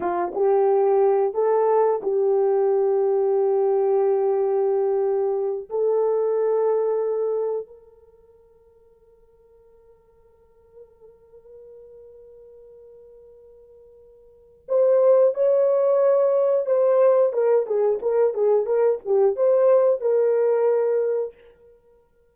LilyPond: \new Staff \with { instrumentName = "horn" } { \time 4/4 \tempo 4 = 90 f'8 g'4. a'4 g'4~ | g'1~ | g'8 a'2. ais'8~ | ais'1~ |
ais'1~ | ais'2 c''4 cis''4~ | cis''4 c''4 ais'8 gis'8 ais'8 gis'8 | ais'8 g'8 c''4 ais'2 | }